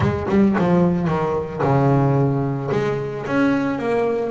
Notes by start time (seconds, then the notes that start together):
0.00 G#3
0.28 G3
0.58 F3
1.07 D#3
1.62 C#3
2.71 G#3
3.26 C#4
3.78 A#3